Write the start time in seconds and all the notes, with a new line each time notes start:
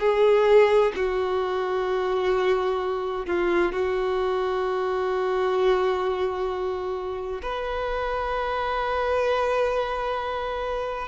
0.00 G#4
0.96 F#4
3.26 F4
3.72 F#4
7.42 B4